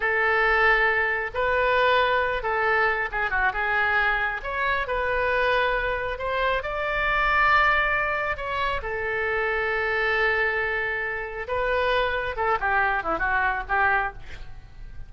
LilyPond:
\new Staff \with { instrumentName = "oboe" } { \time 4/4 \tempo 4 = 136 a'2. b'4~ | b'4. a'4. gis'8 fis'8 | gis'2 cis''4 b'4~ | b'2 c''4 d''4~ |
d''2. cis''4 | a'1~ | a'2 b'2 | a'8 g'4 e'8 fis'4 g'4 | }